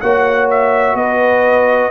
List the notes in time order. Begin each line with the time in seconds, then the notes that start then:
0.00 A#3 F#4 C#5 F#5
0.50 E5
0.94 B3 B4 D#5